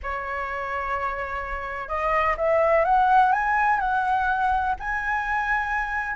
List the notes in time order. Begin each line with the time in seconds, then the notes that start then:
0.02 C#5
1.88 D#5
2.37 E5
2.84 F#5
3.32 G#5
3.79 F#5
4.79 G#5